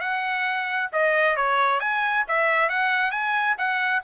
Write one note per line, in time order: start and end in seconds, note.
0.00 0.90 F#5
0.92 1.36 D#5
1.36 1.80 C#5
1.80 2.24 G#5
2.28 2.69 E5
2.69 3.11 F#5
3.11 3.56 G#5
3.58 4.03 F#5